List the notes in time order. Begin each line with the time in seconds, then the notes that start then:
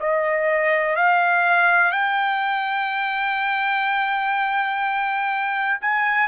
0.00 D#5
0.96 F5
1.91 G5
5.81 G#5